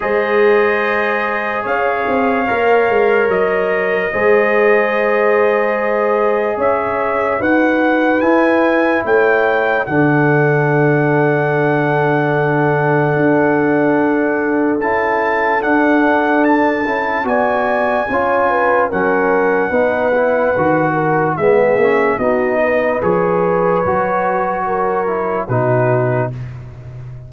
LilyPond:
<<
  \new Staff \with { instrumentName = "trumpet" } { \time 4/4 \tempo 4 = 73 dis''2 f''2 | dis''1 | e''4 fis''4 gis''4 g''4 | fis''1~ |
fis''2 a''4 fis''4 | a''4 gis''2 fis''4~ | fis''2 e''4 dis''4 | cis''2. b'4 | }
  \new Staff \with { instrumentName = "horn" } { \time 4/4 c''2 cis''2~ | cis''4 c''2. | cis''4 b'2 cis''4 | a'1~ |
a'1~ | a'4 d''4 cis''8 b'8 ais'4 | b'4. ais'8 gis'4 fis'8 b'8~ | b'2 ais'4 fis'4 | }
  \new Staff \with { instrumentName = "trombone" } { \time 4/4 gis'2. ais'4~ | ais'4 gis'2.~ | gis'4 fis'4 e'2 | d'1~ |
d'2 e'4 d'4~ | d'8 e'8 fis'4 f'4 cis'4 | dis'8 e'8 fis'4 b8 cis'8 dis'4 | gis'4 fis'4. e'8 dis'4 | }
  \new Staff \with { instrumentName = "tuba" } { \time 4/4 gis2 cis'8 c'8 ais8 gis8 | fis4 gis2. | cis'4 dis'4 e'4 a4 | d1 |
d'2 cis'4 d'4~ | d'8 cis'8 b4 cis'4 fis4 | b4 dis4 gis8 ais8 b4 | f4 fis2 b,4 | }
>>